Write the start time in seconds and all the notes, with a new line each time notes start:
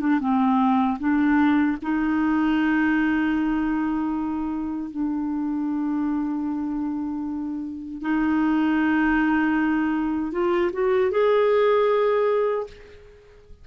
0.00 D4
0.20 C4
0.99 D4
1.82 D#4
4.91 D4
8.02 D#4
10.32 F4
10.73 F#4
11.11 G#4